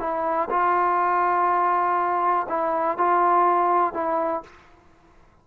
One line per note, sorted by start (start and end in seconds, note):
0.00 0.49 E4
0.51 2.47 F4
2.49 2.98 E4
2.98 3.94 F4
3.94 4.43 E4